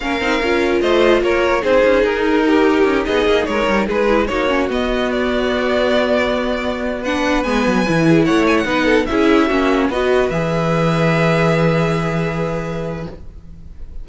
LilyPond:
<<
  \new Staff \with { instrumentName = "violin" } { \time 4/4 \tempo 4 = 147 f''2 dis''4 cis''4 | c''4 ais'2~ ais'8 dis''8~ | dis''8 cis''4 b'4 cis''4 dis''8~ | dis''8 d''2.~ d''8~ |
d''4~ d''16 fis''4 gis''4.~ gis''16~ | gis''16 fis''8 gis''16 fis''4~ fis''16 e''4.~ e''16~ | e''16 dis''4 e''2~ e''8.~ | e''1 | }
  \new Staff \with { instrumentName = "violin" } { \time 4/4 ais'2 c''4 ais'4 | gis'2 g'4. gis'8~ | gis'8 ais'4 gis'4 fis'4.~ | fis'1~ |
fis'4~ fis'16 b'2~ b'8 gis'16~ | gis'16 cis''4 b'8 a'8 gis'4 fis'8.~ | fis'16 b'2.~ b'8.~ | b'1 | }
  \new Staff \with { instrumentName = "viola" } { \time 4/4 cis'8 dis'8 f'2. | dis'1~ | dis'2 e'8 dis'8 cis'8 b8~ | b1~ |
b4~ b16 d'4 b4 e'8.~ | e'4~ e'16 dis'4 e'4 cis'8.~ | cis'16 fis'4 gis'2~ gis'8.~ | gis'1 | }
  \new Staff \with { instrumentName = "cello" } { \time 4/4 ais8 c'8 cis'4 a4 ais4 | c'8 cis'8 dis'2 cis'8 b8 | ais8 gis8 g8 gis4 ais4 b8~ | b1~ |
b2~ b16 gis8 fis8 e8.~ | e16 a4 b4 cis'4 ais8.~ | ais16 b4 e2~ e8.~ | e1 | }
>>